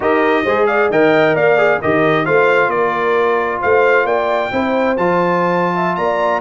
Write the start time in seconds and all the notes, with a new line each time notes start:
0.00 D#4 G4 A#4 D#5
0.43 G#3 G#4 C5
0.66 D5 F5
0.90 D#3 A#4 D#5 G5
1.34 A#3 D5 F5
1.57 G#4
1.80 D#3 G4 A#4 D#5
2.25 A3 F4 C5 F5
2.68 A#3 A#4 D5
3.60 A3 C5 F5
4.05 A#3 D5 G5
4.51 C4 E4 C5
4.97 F3 F4 A5
5.74 E5
5.95 A#3 D5 A#5